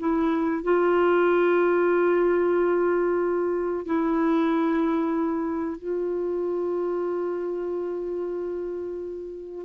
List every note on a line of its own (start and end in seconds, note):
0.00 0.64 E4
0.64 3.86 F4
3.86 5.79 E4
5.79 9.66 F4